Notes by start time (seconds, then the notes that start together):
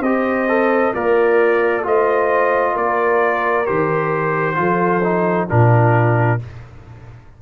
0.00 C4 G4 C5 D#5
0.48 A4
0.92 A#3 F4 A#4 D5
1.83 A3 F4 C5 D#5
2.73 A#3 A#4 D5
3.65 D#3 G4 C5
4.55 F3 F4 A4
5.03 D#4
5.48 A#2 D4 F4 A#4